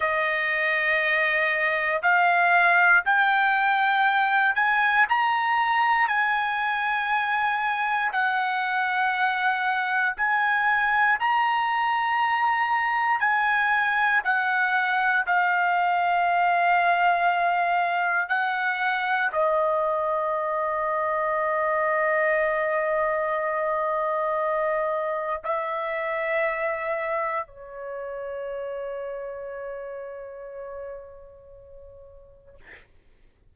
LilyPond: \new Staff \with { instrumentName = "trumpet" } { \time 4/4 \tempo 4 = 59 dis''2 f''4 g''4~ | g''8 gis''8 ais''4 gis''2 | fis''2 gis''4 ais''4~ | ais''4 gis''4 fis''4 f''4~ |
f''2 fis''4 dis''4~ | dis''1~ | dis''4 e''2 cis''4~ | cis''1 | }